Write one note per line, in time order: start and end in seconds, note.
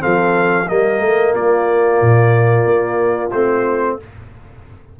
0.00 0.70 F3
0.00 0.66 C4
0.00 0.68 A4
0.00 0.69 F5
0.67 1.00 G3
0.67 3.31 A#3
0.67 1.34 A#4
0.67 1.35 D#5
1.00 1.33 A3
1.34 2.01 A#3
1.34 3.98 F4
1.34 3.31 D5
2.01 2.66 A#2
2.66 3.32 A#3
3.31 3.98 A3
3.31 4.00 C4
3.31 3.97 C5